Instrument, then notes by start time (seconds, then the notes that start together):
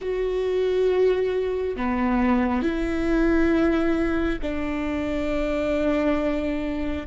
viola
0.01 F#4
1.76 B3
2.62 E4
4.42 D4